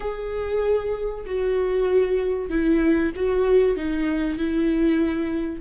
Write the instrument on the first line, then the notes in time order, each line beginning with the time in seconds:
viola
0.00 G#4
1.26 F#4
2.49 E4
3.15 F#4
3.76 D#4
4.38 E4